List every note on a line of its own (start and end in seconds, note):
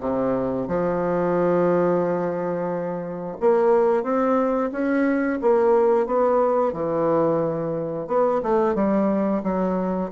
0.00 0.67 C3
0.67 3.37 F3
3.40 4.03 A#3
4.03 4.70 C4
4.72 5.39 C#4
5.41 6.06 A#3
6.06 6.72 B3
6.72 8.07 E3
8.07 8.41 B3
8.42 8.75 A3
8.75 9.42 G3
9.43 10.10 F#3